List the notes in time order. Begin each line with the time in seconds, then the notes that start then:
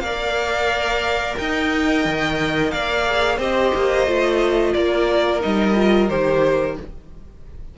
0.00 A#3 A#4 D5 F5
1.38 D#4 D#5 G5
2.05 D#3
2.71 A#3 D5 F5
3.07 G#4
3.38 C4 G4 C5 D#5
3.75 A#3
4.07 A3 F4
4.73 A#3 A#4 D5
5.41 G3 D#4 D#5
5.75 F4
6.09 D#3 G4 C5